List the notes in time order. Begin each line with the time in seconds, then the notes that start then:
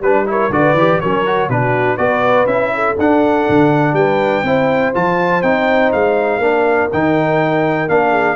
0.00 G3 D4 B4
0.26 E4 A#4 C#5
0.49 D3 F#4 B4 D5
0.73 E3 G4
1.00 F#3 C#4 A#4 C#5
1.26 F#4
1.49 B2 D4 F#4 B4
1.97 B3 F#4 B4 D5
2.45 C#4 E4 E5
2.74 A4
2.98 D4 F#5
3.49 D3
3.93 G3 B4 G5
4.43 C4 E4 C5
4.94 F3 F4 A5
5.42 C4 D#4 G5
5.92 G#3 F5
6.38 A#3 D4 A#4
6.91 D#3 D#4 G5
7.88 A#3 D4 F5
8.10 G#4